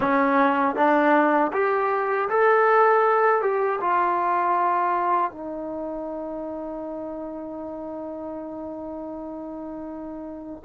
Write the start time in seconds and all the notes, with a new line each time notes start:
0.00 C#4
0.75 D4
1.52 G4
2.29 A4
3.41 G4
3.80 F4
5.31 D#4